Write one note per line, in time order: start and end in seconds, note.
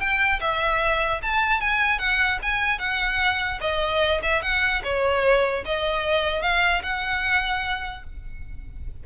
0.00 0.40 G5
0.41 1.21 E5
1.23 1.61 A5
1.61 1.99 G#5
1.99 2.39 F#5
2.43 2.79 G#5
2.79 3.59 F#5
3.61 4.22 D#5
4.23 4.42 E5
4.42 4.82 F#5
4.84 5.64 C#5
5.65 6.42 D#5
6.42 6.82 F5
6.83 8.04 F#5